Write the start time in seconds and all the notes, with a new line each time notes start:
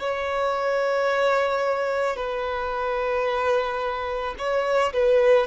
0.00 C#5
2.17 B4
4.39 C#5
4.94 B4